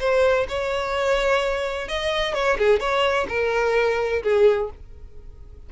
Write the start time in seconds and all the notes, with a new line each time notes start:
0.00 C5
0.49 C#5
1.88 D#5
2.34 C#5
2.58 G#4
2.80 C#5
3.29 A#4
4.23 G#4